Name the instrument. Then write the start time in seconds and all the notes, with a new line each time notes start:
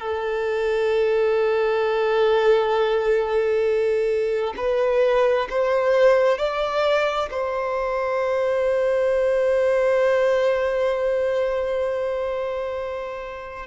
violin
0.00 A4
4.57 B4
5.50 C5
6.39 D5
7.31 C5